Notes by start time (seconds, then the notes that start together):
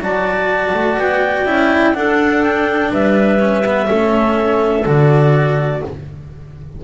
0.00 F#3 F#4 D5 A5
0.74 A3
0.98 B3 G5
1.45 C#4 E4
1.94 D4 A4 F#5
2.43 G5
2.92 G3 B4 E5
3.39 C#4
3.65 B3
3.86 A3 C#4 A4
4.85 D3 F#4 D5